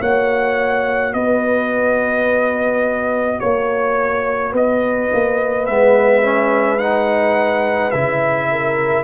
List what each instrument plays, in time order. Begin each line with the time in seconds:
0.00 tuba A#3, trombone F#4, horn C#5, trumpet F#5
1.13 tuba B3, horn B4, trumpet D#5
3.40 tuba A#3, horn C#5, trumpet C#5
4.52 tuba B3, horn B4, trumpet D#5
5.13 tuba A#3
5.66 tuba G#3, trombone B3, trumpet E5
6.23 trombone C#4
6.79 trombone D#4, trumpet F#5
7.91 tuba C#3, trombone E4, trumpet E5
8.51 horn A#4